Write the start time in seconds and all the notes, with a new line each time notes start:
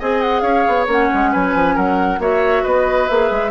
0.00 C4 G#4 D#5 G#5
0.22 F#5
0.41 C#4 C#5 F5
0.68 B3
0.87 A#3 C#4 F#5
1.14 G#3
1.32 F#3 B4 G#5
1.55 F3
1.75 F#3 A#4 F#5
2.19 A#3 F#4 C#5 E5
2.64 B3 B4 D#5
3.09 A#3 G#4 E5
3.31 G#3